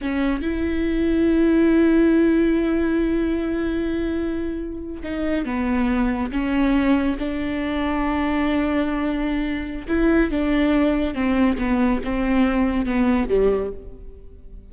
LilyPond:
\new Staff \with { instrumentName = "viola" } { \time 4/4 \tempo 4 = 140 cis'4 e'2.~ | e'1~ | e'2.~ e'8. dis'16~ | dis'8. b2 cis'4~ cis'16~ |
cis'8. d'2.~ d'16~ | d'2. e'4 | d'2 c'4 b4 | c'2 b4 g4 | }